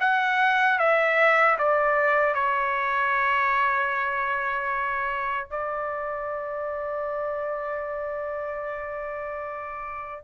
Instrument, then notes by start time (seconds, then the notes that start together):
trumpet
0.00 F#5
0.79 E5
1.59 D5
2.35 C#5
5.50 D5